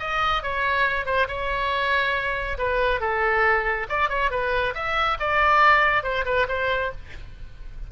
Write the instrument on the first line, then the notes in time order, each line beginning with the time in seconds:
oboe
0.00 D#5
0.43 C#5
1.06 C5
1.29 C#5
2.58 B4
3.01 A4
3.89 D5
4.09 C#5
4.31 B4
4.75 E5
5.20 D5
6.04 C5
6.26 B4
6.49 C5